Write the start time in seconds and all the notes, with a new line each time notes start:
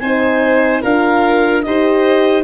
0.00 C4 D#4 C5 G#5
0.82 D4 F4 A#4 F5
1.62 D#4 G4 C5 D#5